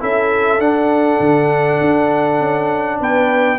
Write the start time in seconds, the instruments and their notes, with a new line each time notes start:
0.00 tuba C#4, trombone E4, horn A4, trumpet E5
0.59 tuba D4, trombone D4, trumpet F#5
1.20 tuba D3
1.81 tuba D4
2.41 tuba C#4
3.00 tuba B3, horn B4, trumpet G5